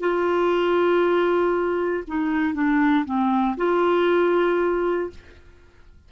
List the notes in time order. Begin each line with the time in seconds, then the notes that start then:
0.00 F4
2.07 D#4
2.54 D4
3.05 C4
3.57 F4